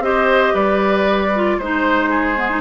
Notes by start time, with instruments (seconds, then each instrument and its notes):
0.00 bassoon C4, clarinet G4, oboe C5, flute D#5
0.53 bassoon G3, oboe B4, flute D5
1.35 clarinet F4
1.58 bassoon G#3, clarinet D#4, flute C5, oboe C5
2.10 oboe G#4
2.36 clarinet B3
2.50 clarinet D#4